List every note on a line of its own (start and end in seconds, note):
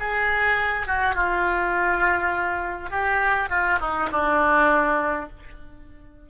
0.00 0.87 G#4
0.87 1.15 F#4
1.15 2.91 F4
2.91 3.49 G4
3.50 3.79 F4
3.80 4.10 D#4
4.12 5.30 D4